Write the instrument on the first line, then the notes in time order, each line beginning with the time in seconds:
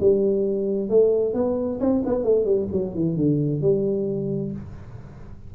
tuba
0.00 G3
0.89 A3
1.34 B3
1.80 C4
2.06 B3
2.24 A3
2.45 G3
2.72 F#3
2.94 E3
3.16 D3
3.61 G3